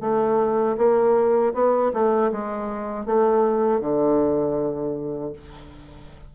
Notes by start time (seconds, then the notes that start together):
0.00 A3
0.77 A#3
1.54 B3
1.93 A3
2.32 G#3
3.06 A3
3.80 D3